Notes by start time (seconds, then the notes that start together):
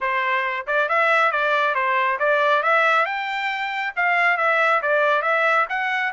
0.00 C5
0.66 D5
0.88 E5
1.31 D5
1.74 C5
2.19 D5
2.63 E5
3.05 G5
3.96 F5
4.37 E5
4.82 D5
5.22 E5
5.69 F#5